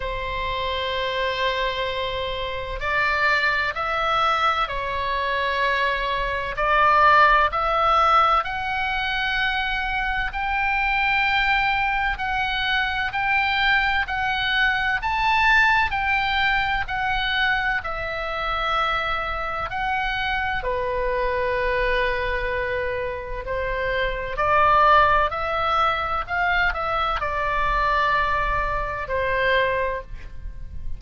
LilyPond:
\new Staff \with { instrumentName = "oboe" } { \time 4/4 \tempo 4 = 64 c''2. d''4 | e''4 cis''2 d''4 | e''4 fis''2 g''4~ | g''4 fis''4 g''4 fis''4 |
a''4 g''4 fis''4 e''4~ | e''4 fis''4 b'2~ | b'4 c''4 d''4 e''4 | f''8 e''8 d''2 c''4 | }